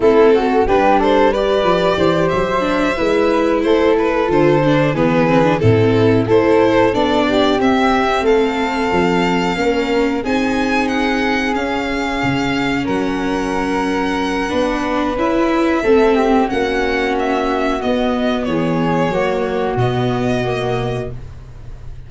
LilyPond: <<
  \new Staff \with { instrumentName = "violin" } { \time 4/4 \tempo 4 = 91 a'4 b'8 c''8 d''4. e''8~ | e''4. c''8 b'8 c''4 b'8~ | b'8 a'4 c''4 d''4 e''8~ | e''8 f''2. gis''8~ |
gis''8 fis''4 f''2 fis''8~ | fis''2. e''4~ | e''4 fis''4 e''4 dis''4 | cis''2 dis''2 | }
  \new Staff \with { instrumentName = "flute" } { \time 4/4 e'8 fis'8 g'8 a'8 b'4 c''4~ | c''8 b'4 a'2 gis'8~ | gis'8 e'4 a'4. g'4~ | g'8 a'2 ais'4 gis'8~ |
gis'2.~ gis'8 ais'8~ | ais'2 b'2 | a'8 g'8 fis'2. | gis'4 fis'2. | }
  \new Staff \with { instrumentName = "viola" } { \time 4/4 c'4 d'4 g'2 | d'8 e'2 f'8 d'8 b8 | c'16 d'16 c'4 e'4 d'4 c'8~ | c'2~ c'8 cis'4 dis'8~ |
dis'4. cis'2~ cis'8~ | cis'2 d'4 e'4 | c'4 cis'2 b4~ | b4 ais4 b4 ais4 | }
  \new Staff \with { instrumentName = "tuba" } { \time 4/4 a4 g4. f8 e8 fis8~ | fis8 gis4 a4 d4 e8~ | e8 a,4 a4 b4 c'8~ | c'8 a4 f4 ais4 c'8~ |
c'4. cis'4 cis4 fis8~ | fis2 b4 cis'4 | a4 ais2 b4 | e4 fis4 b,2 | }
>>